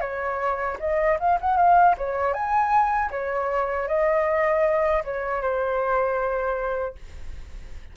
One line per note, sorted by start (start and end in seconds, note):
0.00 0.77 C#5
0.79 1.18 D#5
1.20 1.39 F5
1.41 1.57 F#5
1.57 1.95 F5
1.98 2.33 C#5
2.33 3.10 G#5
3.11 3.88 C#5
3.88 5.03 D#5
5.04 5.41 C#5
5.41 6.95 C5